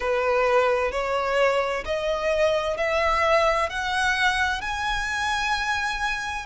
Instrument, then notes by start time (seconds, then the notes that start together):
violin
0.00 B4
0.91 C#5
1.85 D#5
2.77 E5
3.69 F#5
4.61 G#5